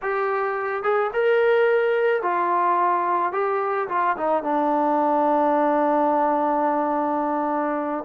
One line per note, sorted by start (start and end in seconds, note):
0.02 0.83 G4
0.83 1.10 G#4
1.13 2.22 A#4
2.22 3.32 F4
3.32 3.88 G4
3.88 4.16 F4
4.17 4.43 D#4
4.43 8.04 D4